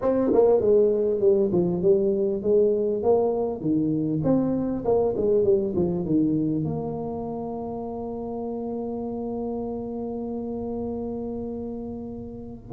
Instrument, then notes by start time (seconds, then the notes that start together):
tuba
0.01 C4
0.33 A#3
0.60 G#3
1.20 G3
1.52 F3
1.82 G3
2.42 G#3
3.02 A#3
3.61 D#3
4.23 C4
4.85 A#3
5.17 G#3
5.44 G3
5.75 F3
6.05 D#3
6.64 A#3